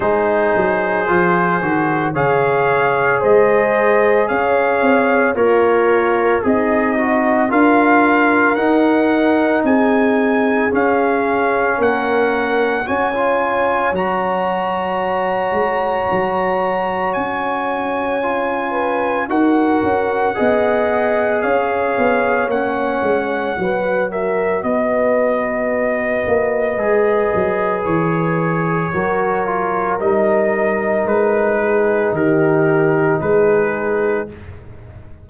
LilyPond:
<<
  \new Staff \with { instrumentName = "trumpet" } { \time 4/4 \tempo 4 = 56 c''2 f''4 dis''4 | f''4 cis''4 dis''4 f''4 | fis''4 gis''4 f''4 fis''4 | gis''4 ais''2. |
gis''2 fis''2 | f''4 fis''4. e''8 dis''4~ | dis''2 cis''2 | dis''4 b'4 ais'4 b'4 | }
  \new Staff \with { instrumentName = "horn" } { \time 4/4 gis'2 cis''4 c''4 | cis''4 f'4 dis'4 ais'4~ | ais'4 gis'2 ais'4 | cis''1~ |
cis''4. b'8 ais'4 dis''4 | cis''2 b'8 ais'8 b'4~ | b'2. ais'4~ | ais'4. gis'8 g'4 gis'4 | }
  \new Staff \with { instrumentName = "trombone" } { \time 4/4 dis'4 f'8 fis'8 gis'2~ | gis'4 ais'4 gis'8 fis'8 f'4 | dis'2 cis'2 | fis'16 f'8. fis'2.~ |
fis'4 f'4 fis'4 gis'4~ | gis'4 cis'4 fis'2~ | fis'4 gis'2 fis'8 f'8 | dis'1 | }
  \new Staff \with { instrumentName = "tuba" } { \time 4/4 gis8 fis8 f8 dis8 cis4 gis4 | cis'8 c'8 ais4 c'4 d'4 | dis'4 c'4 cis'4 ais4 | cis'4 fis4. gis8 fis4 |
cis'2 dis'8 cis'8 b4 | cis'8 b8 ais8 gis8 fis4 b4~ | b8 ais8 gis8 fis8 e4 fis4 | g4 gis4 dis4 gis4 | }
>>